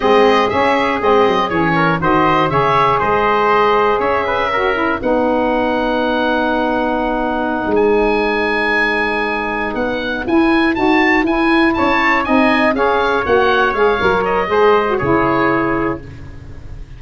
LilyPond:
<<
  \new Staff \with { instrumentName = "oboe" } { \time 4/4 \tempo 4 = 120 dis''4 e''4 dis''4 cis''4 | dis''4 e''4 dis''2 | e''2 fis''2~ | fis''2.~ fis''8 gis''8~ |
gis''2.~ gis''8 fis''8~ | fis''8 gis''4 a''4 gis''4 a''8~ | a''8 gis''4 f''4 fis''4 f''8~ | f''8 dis''4. cis''2 | }
  \new Staff \with { instrumentName = "trumpet" } { \time 4/4 gis'2.~ gis'8 ais'8 | c''4 cis''4 c''2 | cis''8 b'8 ais'4 b'2~ | b'1~ |
b'1~ | b'2.~ b'8 cis''8~ | cis''8 dis''4 cis''2~ cis''8~ | cis''4 c''4 gis'2 | }
  \new Staff \with { instrumentName = "saxophone" } { \time 4/4 c'4 cis'4 c'4 cis'4 | fis'4 gis'2.~ | gis'4 fis'8 e'8 dis'2~ | dis'1~ |
dis'1~ | dis'8 e'4 fis'4 e'4.~ | e'8 dis'4 gis'4 fis'4 gis'8 | ais'4 gis'8. fis'16 e'2 | }
  \new Staff \with { instrumentName = "tuba" } { \time 4/4 gis4 cis'4 gis8 fis8 e4 | dis4 cis4 gis2 | cis'2 b2~ | b2.~ b16 gis8.~ |
gis2.~ gis8 b8~ | b8 e'4 dis'4 e'4 cis'8~ | cis'8 c'4 cis'4 ais4 gis8 | fis4 gis4 cis2 | }
>>